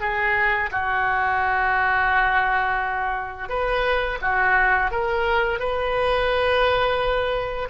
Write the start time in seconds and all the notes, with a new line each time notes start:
0.00 G#4
0.71 F#4
3.49 B4
4.21 F#4
4.91 A#4
5.59 B4